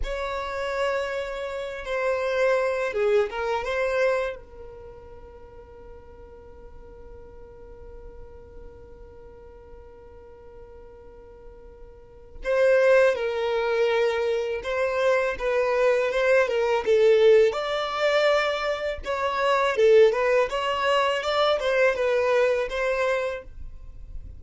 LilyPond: \new Staff \with { instrumentName = "violin" } { \time 4/4 \tempo 4 = 82 cis''2~ cis''8 c''4. | gis'8 ais'8 c''4 ais'2~ | ais'1~ | ais'1~ |
ais'4 c''4 ais'2 | c''4 b'4 c''8 ais'8 a'4 | d''2 cis''4 a'8 b'8 | cis''4 d''8 c''8 b'4 c''4 | }